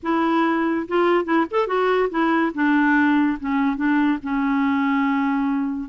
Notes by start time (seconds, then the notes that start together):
0.02 E4
0.88 F4
1.24 E4
1.50 A4
1.67 F#4
2.10 E4
2.54 D4
3.40 C#4
3.76 D4
4.22 C#4